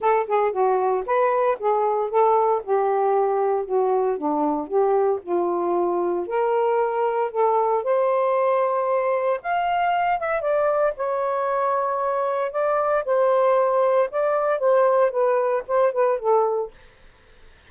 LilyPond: \new Staff \with { instrumentName = "saxophone" } { \time 4/4 \tempo 4 = 115 a'8 gis'8 fis'4 b'4 gis'4 | a'4 g'2 fis'4 | d'4 g'4 f'2 | ais'2 a'4 c''4~ |
c''2 f''4. e''8 | d''4 cis''2. | d''4 c''2 d''4 | c''4 b'4 c''8 b'8 a'4 | }